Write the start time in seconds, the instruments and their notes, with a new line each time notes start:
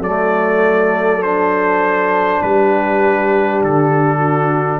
0.00 tuba F#3, trombone A3, horn A4, trumpet D5
1.22 trombone D4, trumpet C5
2.41 tuba G3, horn G4, trumpet B4
3.63 tuba D3, trumpet A4
4.18 horn F#4